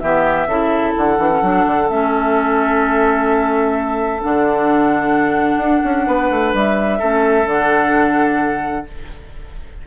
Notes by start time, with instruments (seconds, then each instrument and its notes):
0.00 bassoon E3, clarinet B3, oboe G4, flute E5
0.47 bassoon C#3, clarinet E4, oboe A4
0.98 bassoon D3, flute F#5
1.18 bassoon E3, clarinet D4
1.31 clarinet C#4
1.43 bassoon F#3, clarinet D4
1.67 bassoon D3
1.89 bassoon A3, clarinet C#4, flute E5
4.22 bassoon D3, clarinet D4, flute F#5
5.58 bassoon D4
5.84 bassoon C#4
6.07 bassoon B3, oboe B4
6.31 bassoon A3
6.54 bassoon G3, flute E5
6.99 bassoon A3, clarinet C#4, oboe A4
7.46 bassoon D3, clarinet D4, flute F#5